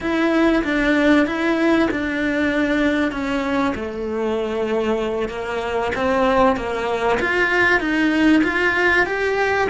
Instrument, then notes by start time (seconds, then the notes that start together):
cello
0.00 E4
0.64 D4
1.26 E4
1.90 D4
3.11 C#4
3.75 A3
5.28 A#3
5.95 C4
6.56 A#3
7.20 F4
7.80 D#4
8.43 F4
9.06 G4